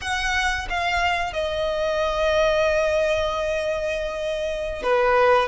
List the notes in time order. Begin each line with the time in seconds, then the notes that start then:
0.01 F#5
0.69 F5
1.33 D#5
4.82 B4